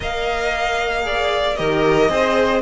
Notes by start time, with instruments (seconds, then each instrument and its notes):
0.00 cello A#3, viola A#4, violin D#5 F5
1.02 viola G#4, violin D5
1.55 cello D#3, viola G4, violin A#4 D#5
2.09 cello C4, viola G#4, violin C5